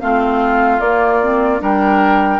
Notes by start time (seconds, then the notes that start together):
0.00 A3 C4 F4 F5
0.80 A#3 D5
1.22 C4
1.59 G3 D4 A#4 G5